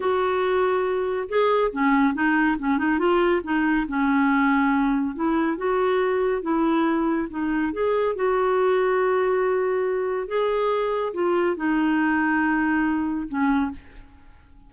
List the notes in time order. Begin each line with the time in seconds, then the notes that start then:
0.00 F#4
1.28 G#4
1.72 C#4
2.14 D#4
2.58 C#4
2.78 D#4
2.98 F4
3.43 D#4
3.88 C#4
5.15 E4
5.57 F#4
6.42 E4
7.30 D#4
7.73 G#4
8.15 F#4
10.27 G#4
11.13 F4
11.56 D#4
13.28 C#4